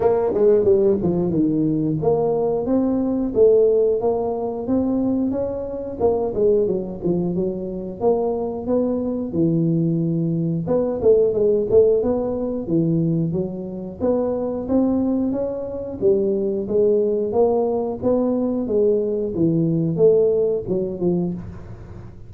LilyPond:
\new Staff \with { instrumentName = "tuba" } { \time 4/4 \tempo 4 = 90 ais8 gis8 g8 f8 dis4 ais4 | c'4 a4 ais4 c'4 | cis'4 ais8 gis8 fis8 f8 fis4 | ais4 b4 e2 |
b8 a8 gis8 a8 b4 e4 | fis4 b4 c'4 cis'4 | g4 gis4 ais4 b4 | gis4 e4 a4 fis8 f8 | }